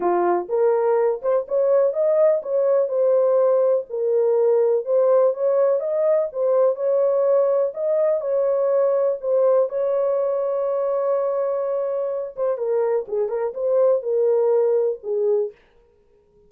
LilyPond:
\new Staff \with { instrumentName = "horn" } { \time 4/4 \tempo 4 = 124 f'4 ais'4. c''8 cis''4 | dis''4 cis''4 c''2 | ais'2 c''4 cis''4 | dis''4 c''4 cis''2 |
dis''4 cis''2 c''4 | cis''1~ | cis''4. c''8 ais'4 gis'8 ais'8 | c''4 ais'2 gis'4 | }